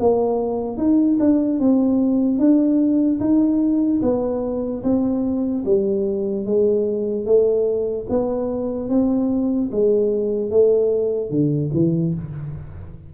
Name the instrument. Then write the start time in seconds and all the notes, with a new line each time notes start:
tuba
0.00 A#3
0.78 D#4
1.20 D4
1.60 C4
2.39 D4
3.20 D#4
4.02 B3
4.84 C4
5.65 G3
6.46 G#3
7.26 A3
8.09 B3
8.90 C4
9.72 G#3
10.51 A3
11.30 D3
11.74 E3